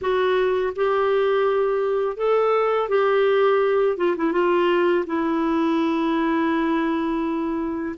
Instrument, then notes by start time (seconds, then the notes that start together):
clarinet
0.01 F#4
0.75 G4
2.17 A4
2.88 G4
3.97 F4
4.17 E4
4.32 F4
5.06 E4